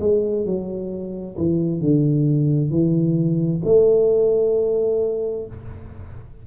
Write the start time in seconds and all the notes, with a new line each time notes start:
0.00 G#3
0.45 F#3
1.37 E3
1.80 D3
2.70 E3
3.65 A3